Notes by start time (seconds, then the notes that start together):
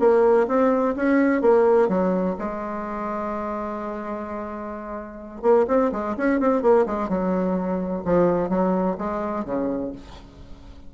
0.00 A#3
0.48 C4
0.96 C#4
1.42 A#3
1.89 F#3
2.39 G#3
5.42 A#3
5.68 C4
5.92 G#3
6.17 C#4
6.40 C4
6.62 A#3
6.86 G#3
7.09 F#3
8.05 F3
8.50 F#3
8.98 G#3
9.45 C#3